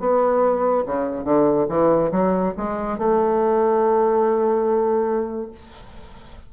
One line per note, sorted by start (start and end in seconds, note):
0.00 0.85 B3
0.86 1.24 C#3
1.24 1.66 D3
1.69 2.11 E3
2.12 2.54 F#3
2.57 2.98 G#3
2.98 5.52 A3